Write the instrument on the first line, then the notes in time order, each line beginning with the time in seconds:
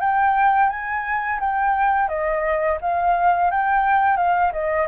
flute
0.00 G5
0.70 G#5
1.40 G5
2.08 D#5
2.81 F5
3.51 G5
4.17 F5
4.53 D#5